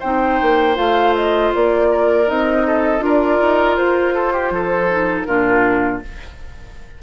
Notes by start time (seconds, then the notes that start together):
0.00 C4 D#4 C5 G5
0.42 A#3
0.75 A3 F4 F5
1.15 D#5
1.55 A#3 D5
1.92 A#4
2.25 C4 D#4 D#5
2.67 A4
3.00 D4 F4 A#4 D5
3.42 D#4
3.77 F4 C5
4.15 A4
4.33 G4
4.51 F3 A4
4.91 D#4
5.24 A#2 D4 F4 A#4